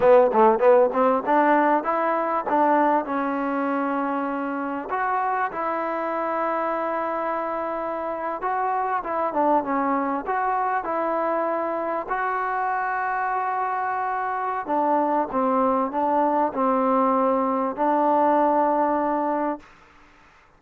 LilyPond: \new Staff \with { instrumentName = "trombone" } { \time 4/4 \tempo 4 = 98 b8 a8 b8 c'8 d'4 e'4 | d'4 cis'2. | fis'4 e'2.~ | e'4.~ e'16 fis'4 e'8 d'8 cis'16~ |
cis'8. fis'4 e'2 fis'16~ | fis'1 | d'4 c'4 d'4 c'4~ | c'4 d'2. | }